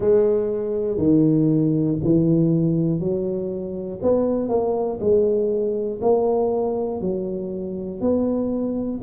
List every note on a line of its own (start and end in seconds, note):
0.00 0.97 G#3
0.97 1.97 D#3
2.04 2.99 E3
2.99 3.99 F#3
4.02 4.49 B3
4.49 4.99 A#3
5.00 6.00 G#3
6.01 7.00 A#3
7.00 8.00 F#3
8.00 9.00 B3